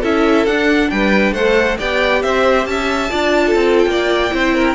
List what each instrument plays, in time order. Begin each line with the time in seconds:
0.00 cello C#4, viola E4, violin A4 E5
0.45 cello D4, viola D4, violin F#5
0.90 cello G3, violin B4 G5
1.32 cello A3, viola A4, violin C5 F#5
1.77 cello B3, viola G4, violin D5 G5
2.22 cello C4, violin C5 E5
2.65 cello C#4, violin E5 A5
3.10 cello D4, viola F4, violin D5
3.46 violin A4
3.54 cello C4
3.78 violin G5
3.86 cello A#3, violin D5
4.31 cello C4, viola E4, violin C5
4.55 violin A#4